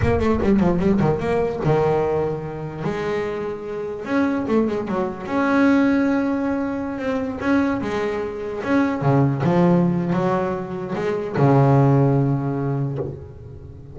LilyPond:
\new Staff \with { instrumentName = "double bass" } { \time 4/4 \tempo 4 = 148 ais8 a8 g8 f8 g8 dis8 ais4 | dis2. gis4~ | gis2 cis'4 a8 gis8 | fis4 cis'2.~ |
cis'4~ cis'16 c'4 cis'4 gis8.~ | gis4~ gis16 cis'4 cis4 f8.~ | f4 fis2 gis4 | cis1 | }